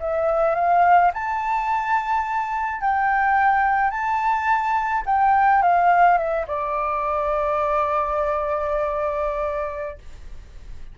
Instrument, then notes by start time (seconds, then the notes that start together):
flute
0.00 E5
0.56 F5
1.14 A5
2.81 G5
3.91 A5
5.06 G5
5.62 F5
6.18 E5
6.48 D5